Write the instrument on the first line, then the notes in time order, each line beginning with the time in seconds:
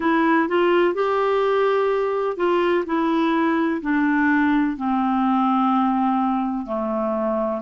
clarinet
0.00 E4
0.48 F4
0.94 G4
2.36 F4
2.86 E4
3.81 D4
4.77 C4
6.66 A3